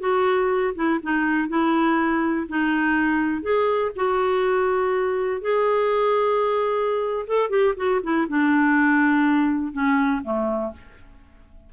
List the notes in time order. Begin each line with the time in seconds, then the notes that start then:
0.00 F#4
0.75 E4
1.02 D#4
1.49 E4
2.49 D#4
3.42 G#4
3.96 F#4
5.41 G#4
7.27 A4
7.50 G4
7.77 F#4
8.03 E4
8.29 D4
9.73 C#4
10.23 A3